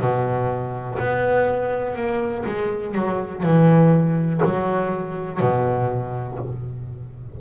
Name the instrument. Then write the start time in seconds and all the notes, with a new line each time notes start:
double bass
0.00 B2
0.99 B3
1.96 A#3
2.46 G#3
2.95 F#3
3.43 E3
4.44 F#3
5.41 B2